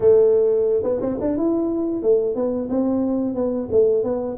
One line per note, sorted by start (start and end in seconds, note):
0.00 0.83 A3
0.83 1.00 B3
1.01 1.18 C4
1.20 1.37 D4
1.37 2.02 E4
2.02 2.35 A3
2.35 2.68 B3
2.69 3.34 C4
3.34 3.68 B3
3.71 4.03 A3
4.03 4.37 B3